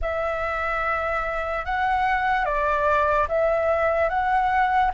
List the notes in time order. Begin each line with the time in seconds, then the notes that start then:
0.01 E5
1.65 F#5
2.45 D5
3.28 E5
4.09 F#5